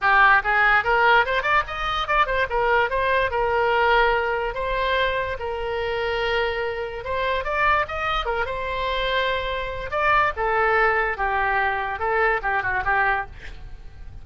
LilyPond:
\new Staff \with { instrumentName = "oboe" } { \time 4/4 \tempo 4 = 145 g'4 gis'4 ais'4 c''8 d''8 | dis''4 d''8 c''8 ais'4 c''4 | ais'2. c''4~ | c''4 ais'2.~ |
ais'4 c''4 d''4 dis''4 | ais'8 c''2.~ c''8 | d''4 a'2 g'4~ | g'4 a'4 g'8 fis'8 g'4 | }